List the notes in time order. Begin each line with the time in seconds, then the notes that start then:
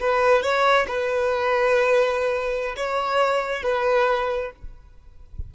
0.00 B4
0.42 C#5
0.88 B4
2.76 C#5
3.63 B4